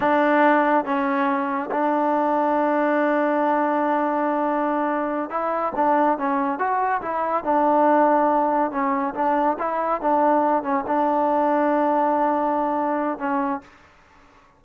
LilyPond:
\new Staff \with { instrumentName = "trombone" } { \time 4/4 \tempo 4 = 141 d'2 cis'2 | d'1~ | d'1~ | d'8 e'4 d'4 cis'4 fis'8~ |
fis'8 e'4 d'2~ d'8~ | d'8 cis'4 d'4 e'4 d'8~ | d'4 cis'8 d'2~ d'8~ | d'2. cis'4 | }